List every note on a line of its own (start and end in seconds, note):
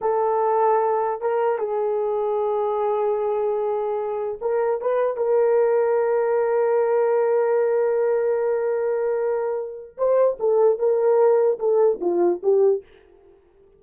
0.01 1.21 A4
1.21 1.58 A#4
1.58 4.38 G#4
4.41 4.81 A#4
4.81 5.17 B4
5.17 9.97 A#4
9.97 10.37 C5
10.39 10.79 A4
10.79 11.59 A#4
11.59 11.99 A4
12.00 12.40 F4
12.43 12.83 G4